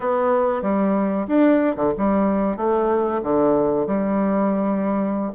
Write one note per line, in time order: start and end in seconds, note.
0.00 0.62 B3
0.62 1.26 G3
1.27 1.75 D4
1.76 1.92 D3
1.97 2.56 G3
2.56 3.21 A3
3.23 3.86 D3
3.86 5.31 G3